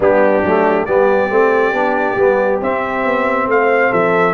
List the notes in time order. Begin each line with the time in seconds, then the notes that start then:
0.00 G3 B3 D4 G4
0.42 F#3 A3
0.85 G3 B3 G4 D5
1.30 A3 C4
1.72 B3 D4
2.16 G3 B3
2.61 C4 E5
3.04 B3
3.47 A3 C5 F5
3.91 F3 A4 E5